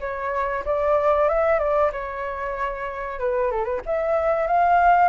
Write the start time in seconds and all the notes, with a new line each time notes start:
0.00 C#5
0.65 D5
1.29 E5
1.59 D5
1.92 C#5
3.19 B4
3.51 A4
3.64 B4
3.86 E5
4.47 F5